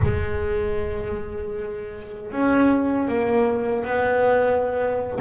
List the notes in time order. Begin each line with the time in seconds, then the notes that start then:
0.03 G#3
2.31 C#4
3.08 A#3
3.84 B3